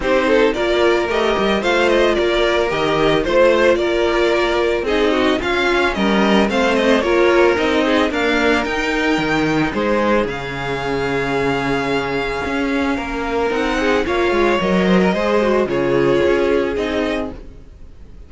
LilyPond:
<<
  \new Staff \with { instrumentName = "violin" } { \time 4/4 \tempo 4 = 111 c''4 d''4 dis''4 f''8 dis''8 | d''4 dis''4 c''4 d''4~ | d''4 dis''4 f''4 dis''4 | f''8 dis''8 cis''4 dis''4 f''4 |
g''2 c''4 f''4~ | f''1~ | f''4 fis''4 f''4 dis''4~ | dis''4 cis''2 dis''4 | }
  \new Staff \with { instrumentName = "violin" } { \time 4/4 g'8 a'8 ais'2 c''4 | ais'2 c''4 ais'4~ | ais'4 gis'8 fis'8 f'4 ais'4 | c''4 ais'4. gis'8 ais'4~ |
ais'2 gis'2~ | gis'1 | ais'4. gis'8 cis''4. c''16 ais'16 | c''4 gis'2. | }
  \new Staff \with { instrumentName = "viola" } { \time 4/4 dis'4 f'4 g'4 f'4~ | f'4 g'4 f'2~ | f'4 dis'4 cis'2 | c'4 f'4 dis'4 ais4 |
dis'2. cis'4~ | cis'1~ | cis'4 dis'4 f'4 ais'4 | gis'8 fis'8 f'2 dis'4 | }
  \new Staff \with { instrumentName = "cello" } { \time 4/4 c'4 ais4 a8 g8 a4 | ais4 dis4 a4 ais4~ | ais4 c'4 cis'4 g4 | a4 ais4 c'4 d'4 |
dis'4 dis4 gis4 cis4~ | cis2. cis'4 | ais4 c'4 ais8 gis8 fis4 | gis4 cis4 cis'4 c'4 | }
>>